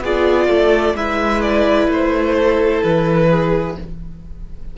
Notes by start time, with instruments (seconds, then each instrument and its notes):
0.00 cello B3, viola F4, violin G#4 D5
0.49 cello A3, violin A4
0.95 cello G#3, viola E4, violin B4 E5
1.42 violin D5
1.88 cello A3, violin C5
2.37 violin A4
2.84 cello E3, violin B4
3.31 violin G#4